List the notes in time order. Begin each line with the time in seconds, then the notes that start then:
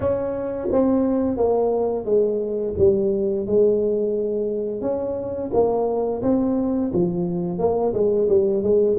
0.00 C#4
0.71 C4
1.36 A#3
2.05 G#3
2.78 G3
3.46 G#3
4.81 C#4
5.53 A#3
6.22 C4
6.93 F3
7.58 A#3
7.93 G#3
8.29 G3
8.62 G#3